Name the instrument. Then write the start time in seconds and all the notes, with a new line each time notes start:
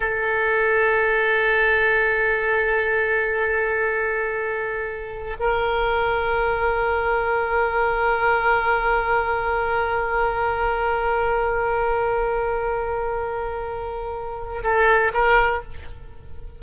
oboe
0.00 A4
5.39 A#4
14.63 A4
15.13 A#4